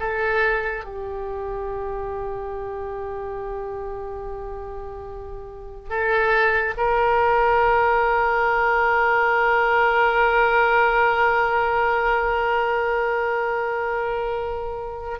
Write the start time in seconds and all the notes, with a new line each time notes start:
0.00 A4
0.85 G4
5.90 A4
6.77 A#4